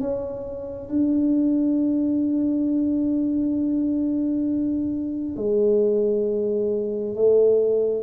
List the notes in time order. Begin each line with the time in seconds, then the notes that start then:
0.00 C#4
0.89 D4
5.36 G#3
7.15 A3